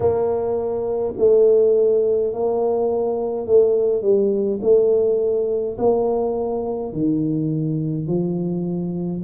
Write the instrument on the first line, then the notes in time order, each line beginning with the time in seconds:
tuba
0.00 A#3
1.17 A3
2.33 A#3
3.46 A3
4.02 G3
4.62 A3
5.77 A#3
6.92 D#3
8.07 F3